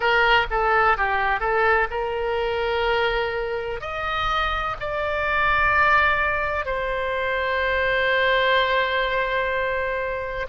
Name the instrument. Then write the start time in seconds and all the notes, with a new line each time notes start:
oboe
0.00 A#4
0.50 A4
0.97 G4
1.39 A4
1.90 A#4
3.81 D#5
4.80 D5
6.65 C5